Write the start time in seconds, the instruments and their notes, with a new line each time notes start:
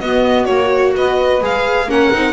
0.00 double bass B3, viola B3, saxophone F#4, violin D#5
0.45 double bass A#3, viola F#4, violin C#5
0.96 double bass B3, saxophone B4, violin D#5
1.41 double bass G#3, viola G#4, violin F5
1.86 double bass A#3, viola C#4, saxophone A#4, violin F#5
2.12 double bass C4, viola D#4